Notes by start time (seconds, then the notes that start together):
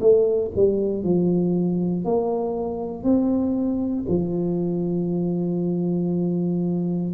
0.00 A3
0.56 G3
1.04 F3
2.05 A#3
3.04 C4
4.09 F3